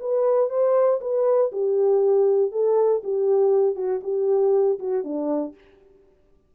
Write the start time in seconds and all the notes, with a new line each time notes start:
0.00 B4
0.49 C5
1.01 B4
1.52 G4
2.52 A4
3.04 G4
3.75 F#4
4.03 G4
4.79 F#4
5.04 D4